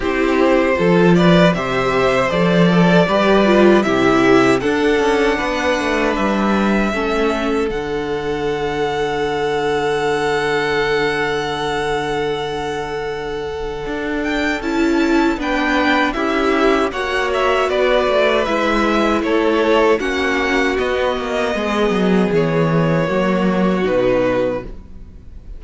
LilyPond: <<
  \new Staff \with { instrumentName = "violin" } { \time 4/4 \tempo 4 = 78 c''4. d''8 e''4 d''4~ | d''4 e''4 fis''2 | e''2 fis''2~ | fis''1~ |
fis''2~ fis''8 g''8 a''4 | g''4 e''4 fis''8 e''8 d''4 | e''4 cis''4 fis''4 dis''4~ | dis''4 cis''2 b'4 | }
  \new Staff \with { instrumentName = "violin" } { \time 4/4 g'4 a'8 b'8 c''4. a'8 | b'4 g'4 a'4 b'4~ | b'4 a'2.~ | a'1~ |
a'1 | b'4 e'4 cis''4 b'4~ | b'4 a'4 fis'2 | gis'2 fis'2 | }
  \new Staff \with { instrumentName = "viola" } { \time 4/4 e'4 f'4 g'4 a'4 | g'8 f'8 e'4 d'2~ | d'4 cis'4 d'2~ | d'1~ |
d'2. e'4 | d'4 g'4 fis'2 | e'2 cis'4 b4~ | b2 ais4 dis'4 | }
  \new Staff \with { instrumentName = "cello" } { \time 4/4 c'4 f4 c4 f4 | g4 c4 d'8 cis'8 b8 a8 | g4 a4 d2~ | d1~ |
d2 d'4 cis'4 | b4 cis'4 ais4 b8 a8 | gis4 a4 ais4 b8 ais8 | gis8 fis8 e4 fis4 b,4 | }
>>